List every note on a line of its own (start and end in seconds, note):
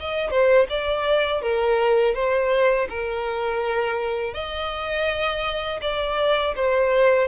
0.00 0.31 D#5
0.31 0.68 C5
0.70 1.42 D5
1.42 2.15 A#4
2.15 2.88 C5
2.90 4.34 A#4
4.34 5.81 D#5
5.82 6.55 D5
6.56 7.28 C5